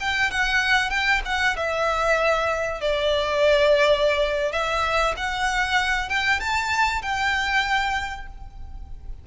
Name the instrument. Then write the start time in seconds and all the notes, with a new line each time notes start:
violin
0.00 G5
0.31 F#5
0.90 G5
1.25 F#5
1.56 E5
2.81 D5
4.52 E5
5.17 F#5
6.09 G5
6.40 A5
7.02 G5